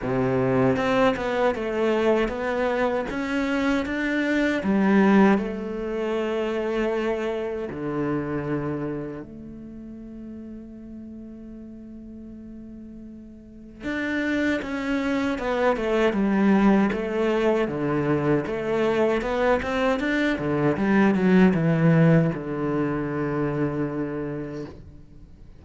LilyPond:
\new Staff \with { instrumentName = "cello" } { \time 4/4 \tempo 4 = 78 c4 c'8 b8 a4 b4 | cis'4 d'4 g4 a4~ | a2 d2 | a1~ |
a2 d'4 cis'4 | b8 a8 g4 a4 d4 | a4 b8 c'8 d'8 d8 g8 fis8 | e4 d2. | }